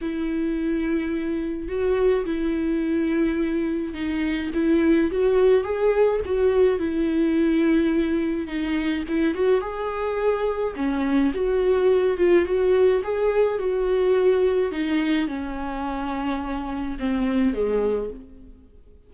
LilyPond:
\new Staff \with { instrumentName = "viola" } { \time 4/4 \tempo 4 = 106 e'2. fis'4 | e'2. dis'4 | e'4 fis'4 gis'4 fis'4 | e'2. dis'4 |
e'8 fis'8 gis'2 cis'4 | fis'4. f'8 fis'4 gis'4 | fis'2 dis'4 cis'4~ | cis'2 c'4 gis4 | }